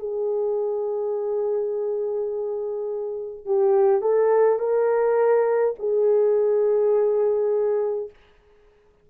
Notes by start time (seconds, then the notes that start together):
0.00 G#4
3.46 G4
4.02 A4
4.59 A#4
5.80 G#4